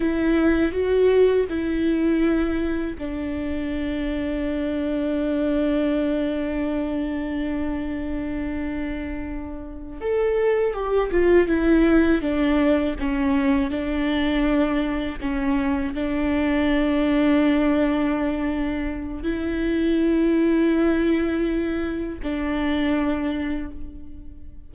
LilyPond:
\new Staff \with { instrumentName = "viola" } { \time 4/4 \tempo 4 = 81 e'4 fis'4 e'2 | d'1~ | d'1~ | d'4. a'4 g'8 f'8 e'8~ |
e'8 d'4 cis'4 d'4.~ | d'8 cis'4 d'2~ d'8~ | d'2 e'2~ | e'2 d'2 | }